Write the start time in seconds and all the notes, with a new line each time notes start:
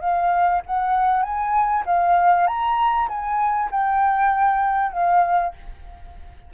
0.00 F5
0.67 F#5
1.22 G#5
1.86 F5
2.47 A#5
3.09 G#5
3.71 G5
4.92 F5